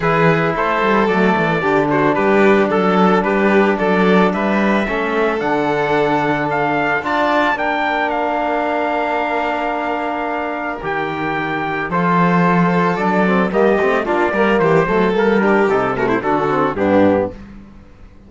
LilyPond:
<<
  \new Staff \with { instrumentName = "trumpet" } { \time 4/4 \tempo 4 = 111 b'4 c''4 d''4. c''8 | b'4 a'4 b'4 d''4 | e''2 fis''2 | f''4 a''4 g''4 f''4~ |
f''1 | g''2 c''2 | d''4 dis''4 d''4 c''4 | ais'4 a'8 ais'16 c''16 a'4 g'4 | }
  \new Staff \with { instrumentName = "violin" } { \time 4/4 gis'4 a'2 g'8 fis'8 | g'4 a'4 g'4 a'4 | b'4 a'2.~ | a'4 d''4 ais'2~ |
ais'1~ | ais'2 a'2~ | a'4 g'4 f'8 ais'8 g'8 a'8~ | a'8 g'4 fis'16 e'16 fis'4 d'4 | }
  \new Staff \with { instrumentName = "trombone" } { \time 4/4 e'2 a4 d'4~ | d'1~ | d'4 cis'4 d'2~ | d'4 f'4 d'2~ |
d'1 | g'2 f'2 | d'8 c'8 ais8 c'8 d'8 ais4 a8 | ais8 d'8 dis'8 a8 d'8 c'8 b4 | }
  \new Staff \with { instrumentName = "cello" } { \time 4/4 e4 a8 g8 fis8 e8 d4 | g4 fis4 g4 fis4 | g4 a4 d2~ | d4 d'4 ais2~ |
ais1 | dis2 f2 | fis4 g8 a8 ais8 g8 e8 fis8 | g4 c4 d4 g,4 | }
>>